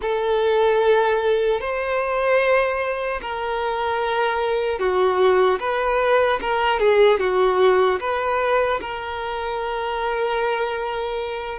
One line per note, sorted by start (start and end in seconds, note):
0.01 1.60 A4
1.60 3.20 C5
3.21 4.79 A#4
4.79 5.59 F#4
5.59 6.39 B4
6.41 6.79 A#4
6.79 7.19 G#4
7.19 7.99 F#4
8.00 8.80 B4
8.80 11.59 A#4